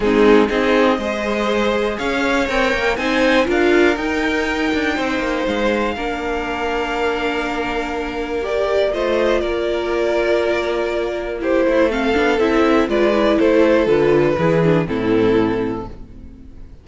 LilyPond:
<<
  \new Staff \with { instrumentName = "violin" } { \time 4/4 \tempo 4 = 121 gis'4 dis''2. | f''4 g''4 gis''4 f''4 | g''2. f''4~ | f''1~ |
f''4 d''4 dis''4 d''4~ | d''2. c''4 | f''4 e''4 d''4 c''4 | b'2 a'2 | }
  \new Staff \with { instrumentName = "violin" } { \time 4/4 dis'4 gis'4 c''2 | cis''2 c''4 ais'4~ | ais'2 c''2 | ais'1~ |
ais'2 c''4 ais'4~ | ais'2. g'8 e'8 | a'2 b'4 a'4~ | a'4 gis'4 e'2 | }
  \new Staff \with { instrumentName = "viola" } { \time 4/4 c'4 dis'4 gis'2~ | gis'4 ais'4 dis'4 f'4 | dis'1 | d'1~ |
d'4 g'4 f'2~ | f'2. e'4 | c'8 d'8 e'4 f'8 e'4. | f'4 e'8 d'8 c'2 | }
  \new Staff \with { instrumentName = "cello" } { \time 4/4 gis4 c'4 gis2 | cis'4 c'8 ais8 c'4 d'4 | dis'4. d'8 c'8 ais8 gis4 | ais1~ |
ais2 a4 ais4~ | ais2.~ ais8 a8~ | a8 b8 c'4 gis4 a4 | d4 e4 a,2 | }
>>